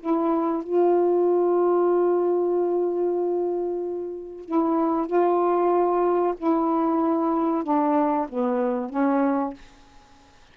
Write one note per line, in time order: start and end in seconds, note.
0.00 0.64 E4
0.64 4.46 F4
4.46 5.07 E4
5.07 6.35 F4
6.38 7.64 E4
7.64 8.28 D4
8.29 8.90 B3
8.90 9.54 C#4